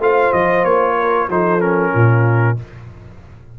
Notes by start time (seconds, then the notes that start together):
0.00 A3 F4 C5 F5
0.33 F3 D#5
0.65 A#3 C#5
0.96 A#4
1.29 F3 D#4 A4 C5
1.61 C#4 A#4
1.93 A#2 F4